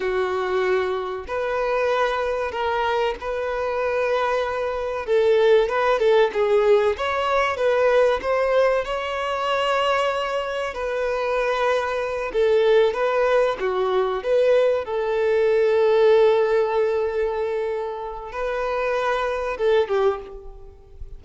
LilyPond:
\new Staff \with { instrumentName = "violin" } { \time 4/4 \tempo 4 = 95 fis'2 b'2 | ais'4 b'2. | a'4 b'8 a'8 gis'4 cis''4 | b'4 c''4 cis''2~ |
cis''4 b'2~ b'8 a'8~ | a'8 b'4 fis'4 b'4 a'8~ | a'1~ | a'4 b'2 a'8 g'8 | }